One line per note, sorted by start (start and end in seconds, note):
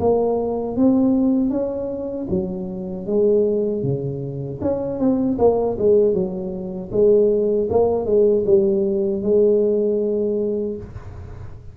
0.00 0.77 A#3
0.77 1.50 C4
1.50 2.27 C#4
2.30 3.07 F#3
3.07 3.83 G#3
3.83 4.60 C#3
4.61 4.99 C#4
4.99 5.38 C4
5.38 5.77 A#3
5.79 6.14 G#3
6.14 6.91 F#3
6.92 7.69 G#3
7.70 8.06 A#3
8.06 8.44 G#3
8.47 9.23 G3
9.23 10.77 G#3